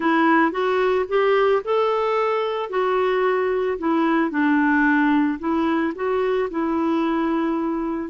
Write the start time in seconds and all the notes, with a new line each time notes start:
0.00 E4
0.51 F#4
1.08 G4
1.64 A4
2.69 F#4
3.78 E4
4.30 D4
5.39 E4
5.95 F#4
6.50 E4